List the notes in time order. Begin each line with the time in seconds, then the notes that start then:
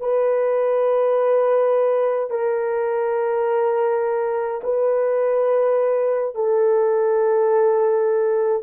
0.00 B4
2.30 A#4
4.63 B4
6.35 A4